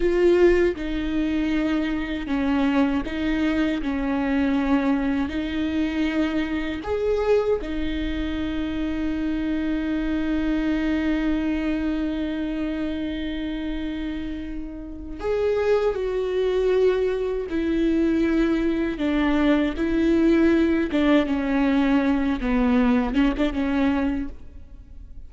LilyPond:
\new Staff \with { instrumentName = "viola" } { \time 4/4 \tempo 4 = 79 f'4 dis'2 cis'4 | dis'4 cis'2 dis'4~ | dis'4 gis'4 dis'2~ | dis'1~ |
dis'1 | gis'4 fis'2 e'4~ | e'4 d'4 e'4. d'8 | cis'4. b4 cis'16 d'16 cis'4 | }